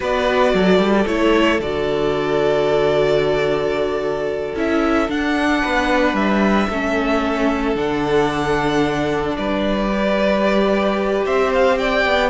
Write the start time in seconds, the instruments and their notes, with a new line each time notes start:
0.00 cello B3, viola F#4, violin B4 D5
0.53 cello F#3, violin A4
0.78 cello G3
1.06 cello A3, viola E4, violin C#5
1.59 cello D3, viola F#4, violin D5
4.55 cello C#4, viola E4, violin E5
5.08 viola D4, cello D4, violin F#5
5.61 cello B3, violin B4
6.13 cello G3, violin E5
6.69 cello A3, viola C#4, violin A4
7.75 cello D3, viola D4, violin F#5
9.36 cello G3, violin B4 D5
9.92 viola G4
11.25 cello C4, violin C5 E5
11.53 violin F5
11.77 violin D5 G5
12.05 cello B3